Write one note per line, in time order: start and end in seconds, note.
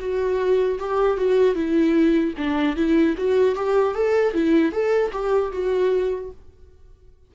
0.00 0.79 F#4
0.79 1.18 G4
1.18 1.55 F#4
1.55 2.34 E4
2.38 2.76 D4
2.76 3.16 E4
3.18 3.56 F#4
3.56 3.95 G4
3.95 4.34 A4
4.34 4.72 E4
4.72 5.12 A4
5.12 5.52 G4
5.52 6.31 F#4